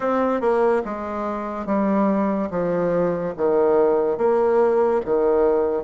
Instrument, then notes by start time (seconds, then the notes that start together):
bassoon
0.00 C4
0.41 A#3
0.84 G#3
1.66 G3
2.50 F3
3.36 D#3
4.17 A#3
5.05 D#3